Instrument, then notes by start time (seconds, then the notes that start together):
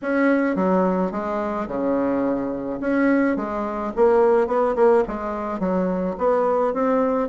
bassoon
0.02 C#4
0.55 F#3
1.11 G#3
1.67 C#3
2.80 C#4
3.36 G#3
3.96 A#3
4.47 B3
4.75 A#3
5.07 G#3
5.59 F#3
6.18 B3
6.73 C4